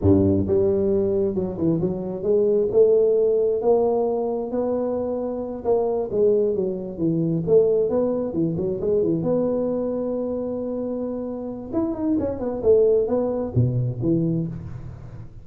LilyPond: \new Staff \with { instrumentName = "tuba" } { \time 4/4 \tempo 4 = 133 g,4 g2 fis8 e8 | fis4 gis4 a2 | ais2 b2~ | b8 ais4 gis4 fis4 e8~ |
e8 a4 b4 e8 fis8 gis8 | e8 b2.~ b8~ | b2 e'8 dis'8 cis'8 b8 | a4 b4 b,4 e4 | }